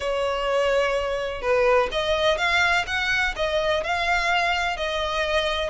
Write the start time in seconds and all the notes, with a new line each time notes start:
0.00 C#5
1.41 B4
1.91 D#5
2.37 F5
2.86 F#5
3.35 D#5
3.83 F5
4.77 D#5